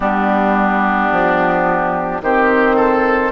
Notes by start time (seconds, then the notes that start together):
0.00 G3 B3 D4 G4
1.11 F3
2.21 D#3 C4 G4 C5
2.75 A4